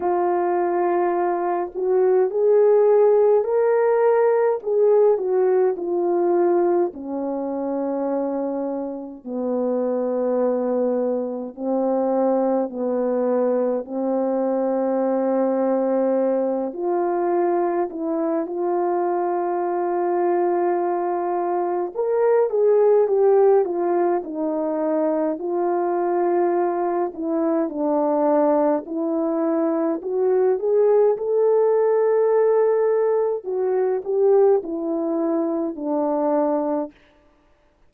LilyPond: \new Staff \with { instrumentName = "horn" } { \time 4/4 \tempo 4 = 52 f'4. fis'8 gis'4 ais'4 | gis'8 fis'8 f'4 cis'2 | b2 c'4 b4 | c'2~ c'8 f'4 e'8 |
f'2. ais'8 gis'8 | g'8 f'8 dis'4 f'4. e'8 | d'4 e'4 fis'8 gis'8 a'4~ | a'4 fis'8 g'8 e'4 d'4 | }